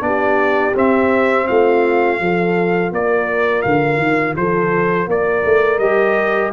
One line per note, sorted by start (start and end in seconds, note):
0.00 0.73 B3
0.00 0.72 D4
0.00 1.47 G4
0.00 0.75 D5
0.75 2.19 C4
0.75 1.47 C4
0.75 1.47 E5
1.47 2.20 A3
1.47 2.20 F4
1.47 2.92 F5
2.19 2.91 F3
2.19 5.80 F4
2.19 2.93 A4
2.91 3.64 A#3
2.91 4.38 A#4
2.91 3.62 D5
3.62 3.97 D3
3.62 4.34 F5
3.97 4.33 D#3
4.36 5.07 F3
4.36 5.08 A4
4.36 5.08 C5
5.07 5.43 A#3
5.07 6.53 A#4
5.07 5.78 D5
5.45 5.78 A3
5.78 6.51 G3
5.78 6.52 G4
5.78 6.51 D#5